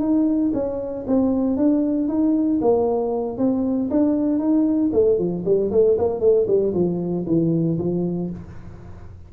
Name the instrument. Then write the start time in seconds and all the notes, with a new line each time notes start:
tuba
0.00 D#4
0.54 C#4
1.07 C4
1.57 D4
2.09 D#4
2.61 A#3
3.38 C4
3.91 D4
4.39 D#4
4.93 A3
5.19 F3
5.45 G3
5.72 A3
5.98 A#3
6.20 A3
6.48 G3
6.74 F3
7.27 E3
7.79 F3